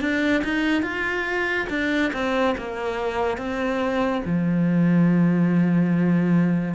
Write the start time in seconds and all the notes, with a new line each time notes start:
0.00 D4
0.44 D#4
0.82 F4
1.69 D4
2.13 C4
2.57 A#3
3.37 C4
4.24 F3